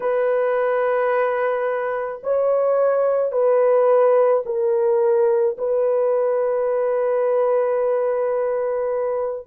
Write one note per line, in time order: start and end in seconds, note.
0.00 2.21 B4
2.23 3.32 C#5
3.32 4.43 B4
4.45 5.57 A#4
5.58 9.46 B4